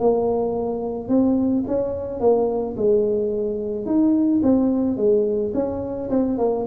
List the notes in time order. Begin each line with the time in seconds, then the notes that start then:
0.00 A#3
1.09 C4
1.68 C#4
2.20 A#3
2.77 G#3
3.86 D#4
4.43 C4
4.97 G#3
5.54 C#4
6.11 C4
6.39 A#3